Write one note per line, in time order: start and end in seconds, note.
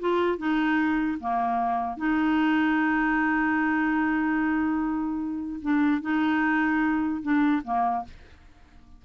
0.00 0.38 F4
0.38 1.18 D#4
1.20 1.97 A#3
1.97 5.60 D#4
5.62 6.02 D4
6.02 7.22 D#4
7.22 7.63 D4
7.64 8.05 A#3